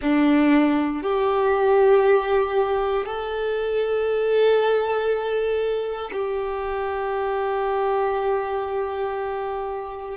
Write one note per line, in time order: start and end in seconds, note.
0.01 1.02 D4
1.02 3.05 G4
3.05 6.10 A4
6.12 10.17 G4